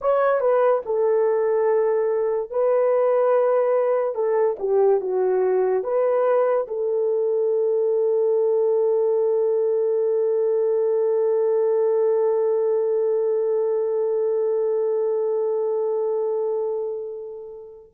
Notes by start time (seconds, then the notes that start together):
0.01 C#5
0.40 B4
0.85 A4
2.50 B4
4.14 A4
4.59 G4
5.00 F#4
5.83 B4
6.67 A4